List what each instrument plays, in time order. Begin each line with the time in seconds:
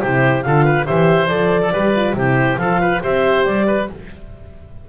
0.00 double bass C3, horn E4, oboe G4, clarinet C5
0.42 double bass D3, horn F4, oboe A4, clarinet F5
0.64 oboe B4
0.86 double bass E3, horn G4, oboe C5, clarinet E5
1.27 double bass F3, horn A4, clarinet D5
1.62 oboe A4
1.72 double bass G3, horn G4, oboe B4
1.96 horn F4
2.13 double bass C3, horn E4, oboe G4, clarinet C5
2.57 double bass F3, horn F4, oboe A4, clarinet F5
2.80 oboe B4
3.00 double bass C4, horn G4, oboe C5, clarinet E5
3.44 double bass G3, clarinet D5
3.67 oboe B4